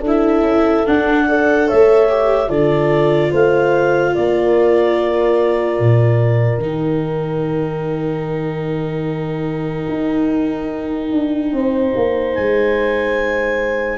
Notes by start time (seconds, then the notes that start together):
0.00 D4 A4
0.07 E4 E5
0.41 C#4
0.86 D4 F#5
1.28 A4 D5
1.67 A3 C#5 E5
2.09 G4
2.48 D3 F4 A4 D5
3.30 A3 C5 F5
4.15 A#3 A#4 D5
5.79 A#2
6.58 D#3 D#4 G5
9.89 D#4
11.12 D4
11.52 C4 C5
11.96 A#3
12.34 G#3 G#5